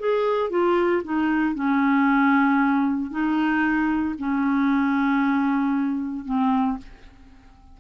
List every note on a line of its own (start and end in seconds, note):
0.00 0.50 G#4
0.50 1.02 F4
1.04 1.55 D#4
1.55 3.11 C#4
3.11 4.15 D#4
4.19 6.26 C#4
6.26 6.78 C4